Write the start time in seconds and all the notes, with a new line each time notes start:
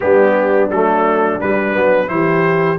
0.00 G3 B3 D4 G4
0.70 F#3 A3 A4
1.40 G3 B4
1.73 F#3 B3
2.07 E3 E4 G4 C5